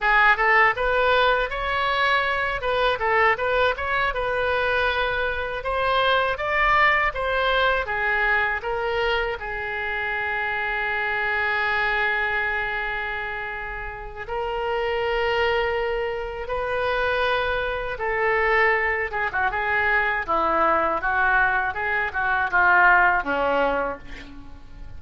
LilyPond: \new Staff \with { instrumentName = "oboe" } { \time 4/4 \tempo 4 = 80 gis'8 a'8 b'4 cis''4. b'8 | a'8 b'8 cis''8 b'2 c''8~ | c''8 d''4 c''4 gis'4 ais'8~ | ais'8 gis'2.~ gis'8~ |
gis'2. ais'4~ | ais'2 b'2 | a'4. gis'16 fis'16 gis'4 e'4 | fis'4 gis'8 fis'8 f'4 cis'4 | }